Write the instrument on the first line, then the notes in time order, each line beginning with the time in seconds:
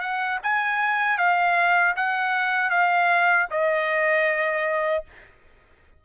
trumpet
0.00 F#5
0.43 G#5
1.18 F5
1.96 F#5
2.70 F5
3.50 D#5